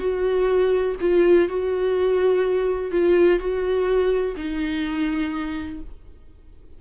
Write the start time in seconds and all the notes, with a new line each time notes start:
0.00 F#4
1.01 F4
1.49 F#4
2.92 F4
3.40 F#4
4.37 D#4